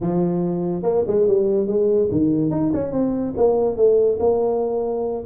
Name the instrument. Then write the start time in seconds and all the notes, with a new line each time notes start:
tuba
0.01 F3
0.82 A#3
1.07 G#3
1.27 G3
1.67 G#3
2.11 D#3
2.51 D#4
2.73 C#4
2.92 C4
3.36 A#3
3.76 A3
4.19 A#3